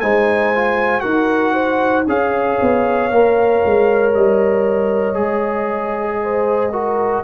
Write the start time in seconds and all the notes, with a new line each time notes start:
0.00 G#3 D#4 C5 G#5
0.55 F4
1.01 D#4 F#4 A#4 F#5
1.54 C5
2.07 C#4 G#4 C#5 F5
2.62 B3
3.10 A#3 A#4
3.66 G#3
4.14 G3 D#5
5.15 G#3 G#4
6.23 C5
6.72 F#4 A#4